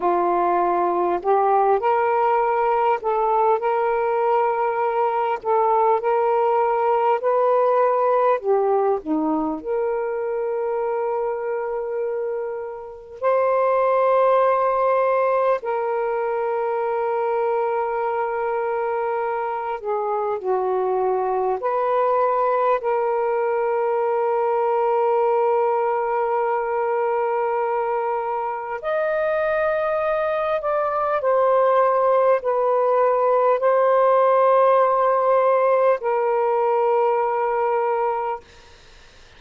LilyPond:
\new Staff \with { instrumentName = "saxophone" } { \time 4/4 \tempo 4 = 50 f'4 g'8 ais'4 a'8 ais'4~ | ais'8 a'8 ais'4 b'4 g'8 dis'8 | ais'2. c''4~ | c''4 ais'2.~ |
ais'8 gis'8 fis'4 b'4 ais'4~ | ais'1 | dis''4. d''8 c''4 b'4 | c''2 ais'2 | }